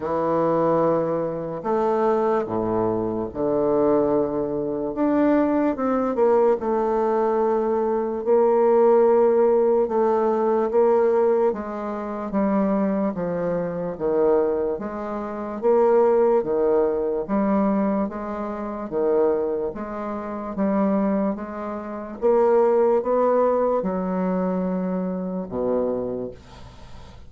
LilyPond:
\new Staff \with { instrumentName = "bassoon" } { \time 4/4 \tempo 4 = 73 e2 a4 a,4 | d2 d'4 c'8 ais8 | a2 ais2 | a4 ais4 gis4 g4 |
f4 dis4 gis4 ais4 | dis4 g4 gis4 dis4 | gis4 g4 gis4 ais4 | b4 fis2 b,4 | }